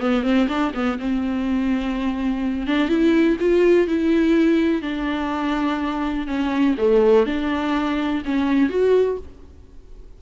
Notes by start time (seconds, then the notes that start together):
0.00 B3
0.23 C4
0.48 D4
0.75 B3
0.99 C4
2.67 D4
2.89 E4
3.40 F4
3.88 E4
4.82 D4
6.27 C#4
6.78 A3
7.26 D4
8.25 C#4
8.70 F#4